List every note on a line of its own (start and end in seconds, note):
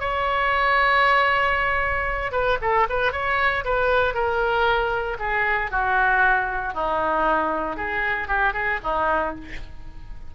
0.00 2.32 C#5
2.32 2.58 B4
2.61 2.87 A4
2.89 3.12 B4
3.12 3.64 C#5
3.65 4.14 B4
4.14 5.17 A#4
5.19 5.71 G#4
5.71 6.74 F#4
6.74 7.77 D#4
7.77 8.28 G#4
8.28 8.54 G4
8.54 8.80 G#4
8.83 9.35 D#4